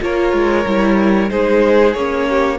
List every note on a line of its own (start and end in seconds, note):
0.00 0.33 A#3
0.00 0.65 F4
0.00 1.30 A#4
0.00 1.30 C#5
0.33 0.65 G#3
0.66 1.30 G3
0.66 1.30 E4
1.30 1.94 G#3
1.30 1.94 D#4
1.30 2.27 G#4
1.30 1.93 C5
1.93 2.59 A#3
1.93 2.59 C#4
1.93 2.58 C#5
2.29 2.59 G4